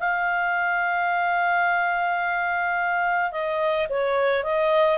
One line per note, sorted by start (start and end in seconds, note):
0.00 3.32 F5
3.32 3.88 D#5
3.90 4.44 C#5
4.44 4.99 D#5